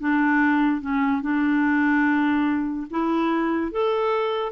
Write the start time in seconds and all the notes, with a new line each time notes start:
0.00 D4
0.81 C#4
1.22 D4
2.91 E4
3.72 A4